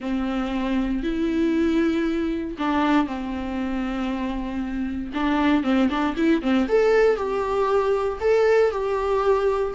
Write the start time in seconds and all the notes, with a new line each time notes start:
0.00 C4
1.03 E4
2.58 D4
3.06 C4
5.14 D4
5.63 C4
5.89 D4
6.17 E4
6.41 C4
6.68 A4
7.16 G4
8.20 A4
8.71 G4